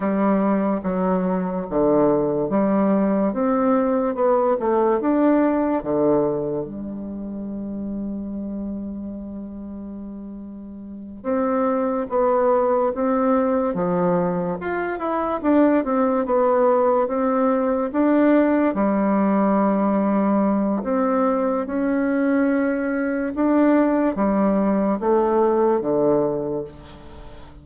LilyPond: \new Staff \with { instrumentName = "bassoon" } { \time 4/4 \tempo 4 = 72 g4 fis4 d4 g4 | c'4 b8 a8 d'4 d4 | g1~ | g4. c'4 b4 c'8~ |
c'8 f4 f'8 e'8 d'8 c'8 b8~ | b8 c'4 d'4 g4.~ | g4 c'4 cis'2 | d'4 g4 a4 d4 | }